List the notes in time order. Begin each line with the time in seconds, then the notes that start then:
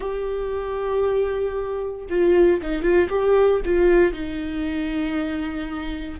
0.00 G4
2.09 F4
2.62 D#4
2.82 F4
3.09 G4
3.65 F4
4.12 D#4